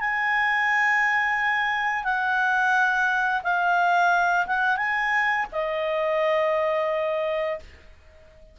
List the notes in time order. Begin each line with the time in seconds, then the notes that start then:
0.00 G#5
2.04 F#5
3.43 F5
4.47 F#5
4.77 G#5
5.52 D#5